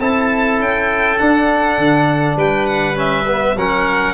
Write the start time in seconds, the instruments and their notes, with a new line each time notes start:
0.00 tuba C4, trombone E4, oboe A4, violin A5
0.60 tuba C#4, violin G5
1.18 trombone D4, tuba D4, violin F#5
1.78 tuba D3
2.36 tuba G3, oboe B4, violin G5
2.66 violin F#5
2.95 trombone C#4, violin E5
3.26 trombone B3
3.56 tuba F#3, trombone C#4, oboe A#4, violin F#5